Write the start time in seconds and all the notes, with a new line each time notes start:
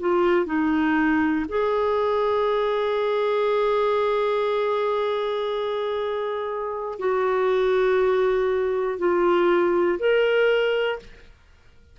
0.00 F4
0.46 D#4
1.49 G#4
6.99 F#4
8.99 F4
9.99 A#4